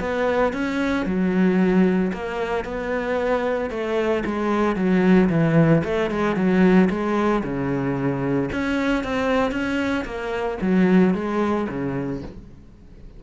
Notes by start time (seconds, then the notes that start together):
0.00 B3
0.53 C#4
1.06 F#3
2.13 A#3
2.65 B3
3.70 A3
4.26 G#3
4.76 F#3
5.30 E3
5.84 A3
6.11 G#3
6.36 F#3
6.90 G#3
7.44 C#3
8.52 C#4
9.04 C4
9.52 C#4
10.05 A#3
10.62 F#3
11.15 G#3
11.69 C#3